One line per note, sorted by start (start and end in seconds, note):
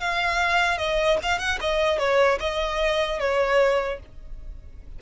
0.00 0.78 F5
0.78 1.18 D#5
1.23 1.39 F5
1.39 1.59 F#5
1.60 1.98 D#5
1.98 2.38 C#5
2.40 3.19 D#5
3.19 3.99 C#5